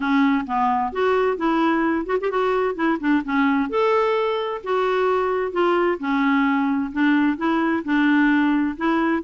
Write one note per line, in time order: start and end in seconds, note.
0.00 0.45 C#4
0.46 0.92 B3
0.92 1.37 F#4
1.37 2.06 E4
2.06 2.17 F#4
2.20 2.30 G4
2.30 2.75 F#4
2.75 2.98 E4
3.00 3.23 D4
3.24 3.69 C#4
3.69 4.61 A4
4.63 5.52 F#4
5.52 5.98 F4
5.99 6.91 C#4
6.92 7.37 D4
7.37 7.83 E4
7.84 8.76 D4
8.77 9.23 E4